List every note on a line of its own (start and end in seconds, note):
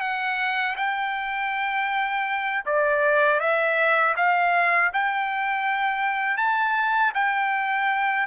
0.00 0.75 F#5
0.76 2.64 G5
2.65 3.40 D5
3.40 4.15 E5
4.16 4.91 F5
4.93 6.37 G5
6.37 7.12 A5
7.14 8.27 G5